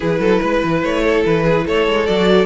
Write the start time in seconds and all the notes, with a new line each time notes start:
0.00 E3 E4 G#4 B4
0.19 F#3 A4
0.41 G#3 B4
0.63 E3
0.82 A3 C#5
1.03 A4
1.25 E3 B4
1.43 G#4
1.65 A3 A4 C#5
1.87 G#3
2.06 F#3 F#4 D5